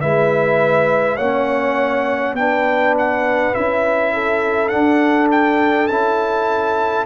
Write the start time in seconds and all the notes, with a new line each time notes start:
0.00 G#3 E4 B4 E5
1.16 A#3 C#4 C#5 F#5
2.33 B3 D4 G5
2.39 B4
2.98 F#5
3.54 C#4 E4 E5
4.13 A4
4.68 D4 F#5
5.31 G5
5.87 C#4 E4 A5